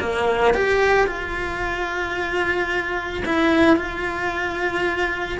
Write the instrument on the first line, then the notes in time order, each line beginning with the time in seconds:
cello
0.00 A#3
0.54 G4
1.07 F4
3.25 E4
3.76 F4